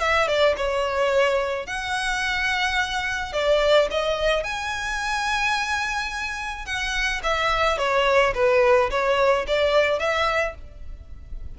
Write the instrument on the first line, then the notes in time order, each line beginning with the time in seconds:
violin
0.00 E5
0.28 D5
0.57 C#5
1.66 F#5
3.33 D5
3.91 D#5
4.43 G#5
6.66 F#5
7.23 E5
7.78 C#5
8.34 B4
8.90 C#5
9.47 D5
9.99 E5